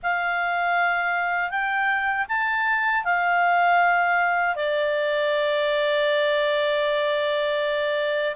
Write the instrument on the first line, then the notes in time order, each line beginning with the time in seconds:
clarinet
0.02 F5
1.50 G5
2.28 A5
3.04 F5
4.55 D5